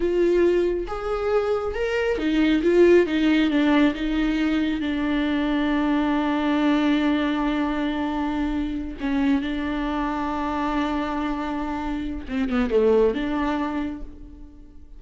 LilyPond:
\new Staff \with { instrumentName = "viola" } { \time 4/4 \tempo 4 = 137 f'2 gis'2 | ais'4 dis'4 f'4 dis'4 | d'4 dis'2 d'4~ | d'1~ |
d'1~ | d'8 cis'4 d'2~ d'8~ | d'1 | c'8 b8 a4 d'2 | }